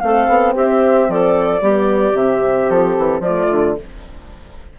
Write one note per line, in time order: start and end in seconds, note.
0.00 0.28 A3
0.00 1.62 C4
0.00 0.55 A4
0.00 0.54 F5
0.28 0.55 B3
0.55 1.09 C4
0.55 1.08 G4
0.55 1.11 E5
1.09 1.61 F3
1.09 1.62 A4
1.09 2.17 D5
1.61 2.13 G3
1.61 2.16 B3
1.61 3.23 G4
2.13 2.67 C3
2.13 3.25 C4
2.13 2.70 E5
2.70 2.97 F3
2.70 3.22 A4
2.99 3.20 E3
3.20 3.47 F3
3.20 3.79 A3
3.20 3.76 F4
3.20 3.76 D5
3.51 3.78 D3